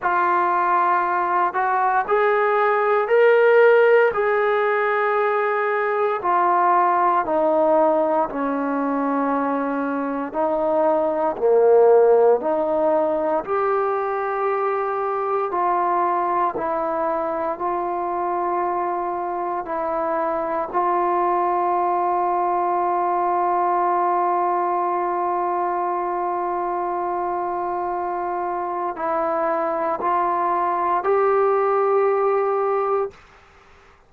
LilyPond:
\new Staff \with { instrumentName = "trombone" } { \time 4/4 \tempo 4 = 58 f'4. fis'8 gis'4 ais'4 | gis'2 f'4 dis'4 | cis'2 dis'4 ais4 | dis'4 g'2 f'4 |
e'4 f'2 e'4 | f'1~ | f'1 | e'4 f'4 g'2 | }